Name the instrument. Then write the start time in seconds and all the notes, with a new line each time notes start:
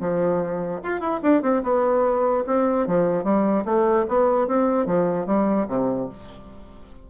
bassoon
0.00 F3
0.83 F4
1.00 E4
1.23 D4
1.42 C4
1.63 B3
2.47 C4
2.87 F3
3.24 G3
3.65 A3
4.08 B3
4.47 C4
4.86 F3
5.26 G3
5.68 C3